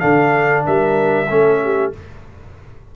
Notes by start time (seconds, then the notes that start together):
0.00 D3 D4 A4 F5
0.65 G3 A#4 E5
1.29 A3 C#4 A4
1.64 G4